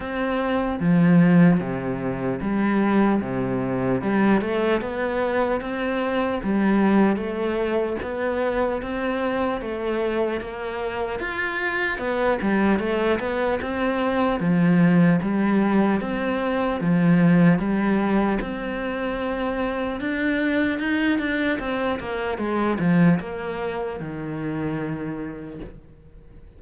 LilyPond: \new Staff \with { instrumentName = "cello" } { \time 4/4 \tempo 4 = 75 c'4 f4 c4 g4 | c4 g8 a8 b4 c'4 | g4 a4 b4 c'4 | a4 ais4 f'4 b8 g8 |
a8 b8 c'4 f4 g4 | c'4 f4 g4 c'4~ | c'4 d'4 dis'8 d'8 c'8 ais8 | gis8 f8 ais4 dis2 | }